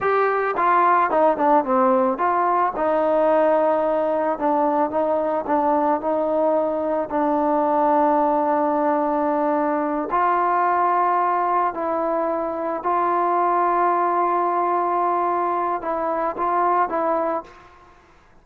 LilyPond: \new Staff \with { instrumentName = "trombone" } { \time 4/4 \tempo 4 = 110 g'4 f'4 dis'8 d'8 c'4 | f'4 dis'2. | d'4 dis'4 d'4 dis'4~ | dis'4 d'2.~ |
d'2~ d'8 f'4.~ | f'4. e'2 f'8~ | f'1~ | f'4 e'4 f'4 e'4 | }